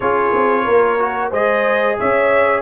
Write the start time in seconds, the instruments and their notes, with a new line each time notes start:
0.00 tuba C#4, trombone F4, horn G#4, trumpet C#5
0.35 tuba C4
0.64 tuba A#3, horn A#4
0.98 trombone F#4
1.30 tuba G#3, trombone G#4, horn C5, trumpet D#5
1.99 tuba C#4, horn C#5, trumpet E5